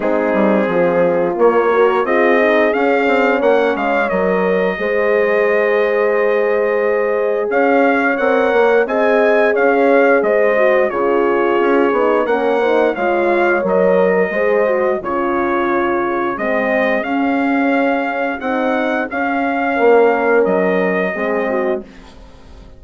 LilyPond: <<
  \new Staff \with { instrumentName = "trumpet" } { \time 4/4 \tempo 4 = 88 gis'2 cis''4 dis''4 | f''4 fis''8 f''8 dis''2~ | dis''2. f''4 | fis''4 gis''4 f''4 dis''4 |
cis''2 fis''4 f''4 | dis''2 cis''2 | dis''4 f''2 fis''4 | f''2 dis''2 | }
  \new Staff \with { instrumentName = "horn" } { \time 4/4 dis'4 f'4. ais'8 gis'4~ | gis'4 cis''2 c''4~ | c''2. cis''4~ | cis''4 dis''4 cis''4 c''4 |
gis'2 ais'8 c''8 cis''4~ | cis''8. ais'16 c''4 gis'2~ | gis'1~ | gis'4 ais'2 gis'8 fis'8 | }
  \new Staff \with { instrumentName = "horn" } { \time 4/4 c'2 ais8 fis'8 f'8 dis'8 | cis'2 ais'4 gis'4~ | gis'1 | ais'4 gis'2~ gis'8 fis'8 |
f'4. dis'8 cis'8 dis'8 f'4 | ais'4 gis'8 fis'8 f'2 | c'4 cis'2 dis'4 | cis'2. c'4 | }
  \new Staff \with { instrumentName = "bassoon" } { \time 4/4 gis8 g8 f4 ais4 c'4 | cis'8 c'8 ais8 gis8 fis4 gis4~ | gis2. cis'4 | c'8 ais8 c'4 cis'4 gis4 |
cis4 cis'8 b8 ais4 gis4 | fis4 gis4 cis2 | gis4 cis'2 c'4 | cis'4 ais4 fis4 gis4 | }
>>